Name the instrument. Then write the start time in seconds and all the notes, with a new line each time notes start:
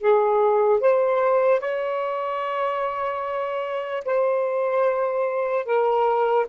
saxophone
0.00 G#4
0.80 C5
1.60 C#5
4.05 C5
5.65 A#4